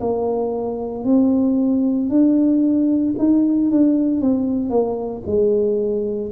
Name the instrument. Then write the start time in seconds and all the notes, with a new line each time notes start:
tuba
0.00 A#3
1.04 C4
2.10 D4
3.19 D#4
3.71 D4
4.21 C4
4.70 A#3
5.26 G#3